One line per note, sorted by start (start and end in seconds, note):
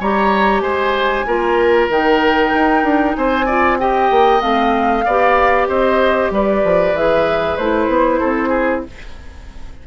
0.00 0.61 G3
0.00 1.27 G4
0.00 0.62 C#5
0.00 0.61 A#5
0.61 1.24 G#3
0.61 1.26 C5
0.61 1.87 G#5
1.26 1.89 A#3
1.26 1.91 F4
1.26 3.17 A#4
1.89 2.52 D#3
1.89 3.49 D#4
1.89 3.15 G5
2.54 2.84 D#4
2.84 3.15 D4
3.15 4.11 C4
3.15 3.46 C5
3.15 3.78 G#5
3.46 3.80 F4
3.46 3.78 D5
3.79 4.41 G4
3.79 5.05 D#5
3.79 4.41 G5
4.11 4.42 A#3
4.41 5.05 A3
4.41 5.04 C4
4.41 5.68 F5
5.05 5.69 B3
5.05 6.96 G4
5.05 5.68 D5
5.69 6.31 C4
5.69 6.32 C5
5.69 6.32 D#5
6.31 6.62 G3
6.31 8.20 B4
6.31 6.97 D5
6.64 6.93 F3
6.93 7.57 E3
6.93 7.59 G#4
6.93 7.57 E5
7.57 7.88 A3
7.57 8.87 E4
7.57 8.83 C5
7.88 8.20 B3
8.20 8.87 C4
8.20 8.49 A4
8.49 8.81 G#4